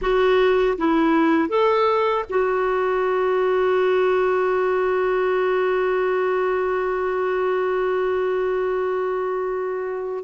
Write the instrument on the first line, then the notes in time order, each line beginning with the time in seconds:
clarinet
0.01 F#4
0.78 E4
1.48 A4
2.29 F#4